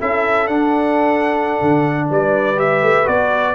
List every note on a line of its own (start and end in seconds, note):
0.00 0.48 C#4
0.00 0.49 E4
0.00 2.09 A4
0.00 0.47 E5
0.47 1.59 D4
0.47 2.56 D4
0.47 2.07 F#5
1.62 2.10 D3
2.10 2.82 G3
2.10 3.55 B4
2.10 2.59 D5
2.56 3.05 G4
2.56 3.08 E5
2.82 3.07 A3
3.05 3.55 B3
3.05 3.54 F#4
3.05 3.55 D5